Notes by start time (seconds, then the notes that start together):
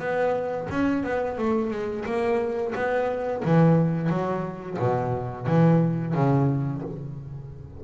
0.00 B3
0.71 C#4
1.04 B3
1.38 A3
1.71 G#3
2.06 A#3
2.76 B3
3.46 E3
4.10 F#3
4.79 B2
5.47 E3
6.15 C#3